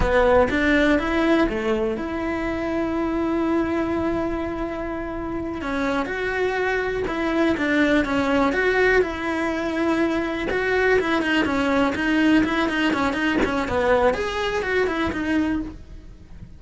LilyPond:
\new Staff \with { instrumentName = "cello" } { \time 4/4 \tempo 4 = 123 b4 d'4 e'4 a4 | e'1~ | e'2.~ e'8 cis'8~ | cis'8 fis'2 e'4 d'8~ |
d'8 cis'4 fis'4 e'4.~ | e'4. fis'4 e'8 dis'8 cis'8~ | cis'8 dis'4 e'8 dis'8 cis'8 dis'8 cis'8 | b4 gis'4 fis'8 e'8 dis'4 | }